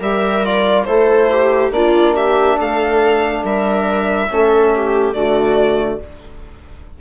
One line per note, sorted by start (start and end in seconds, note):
0.00 0.87 G3
0.00 0.43 G4
0.00 0.86 A#4
0.00 0.46 E5
0.44 0.87 F4
0.44 0.85 D5
0.85 1.72 A3
0.85 1.72 E4
0.85 1.31 A4
0.85 1.71 C5
1.32 1.75 G4
1.72 2.57 A#3
1.72 4.29 D4
1.72 2.16 F4
1.72 2.17 D5
2.16 2.58 G4
2.16 2.59 E5
2.58 3.44 A3
2.58 3.43 A4
2.58 3.46 F5
3.44 4.30 G3
3.44 4.31 A#4
3.44 5.14 E5
4.29 5.14 A3
4.29 5.15 C#4
4.29 4.76 A4
4.76 5.15 G4
5.14 6.00 D3
5.14 6.00 A3
5.14 6.01 F#4
5.14 6.00 D5